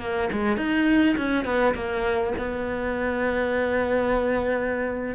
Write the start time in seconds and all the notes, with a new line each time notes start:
0.00 A#3
0.32 G#3
0.57 D#4
1.17 C#4
1.45 B3
1.75 A#3
2.39 B3